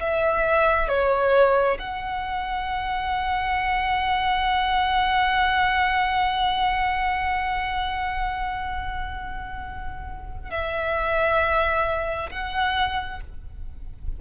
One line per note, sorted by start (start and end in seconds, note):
0.00 0.89 E5
0.89 1.79 C#5
1.79 10.51 F#5
10.51 12.30 E5
12.31 13.20 F#5